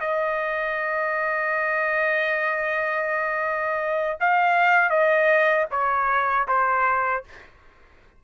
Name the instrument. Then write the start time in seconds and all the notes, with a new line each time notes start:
trumpet
0.00 D#5
4.20 F5
4.90 D#5
5.71 C#5
6.48 C5